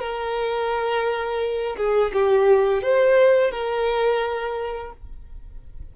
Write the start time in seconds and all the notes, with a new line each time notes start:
0.00 A#4
1.77 G#4
2.13 G4
2.83 C5
3.52 A#4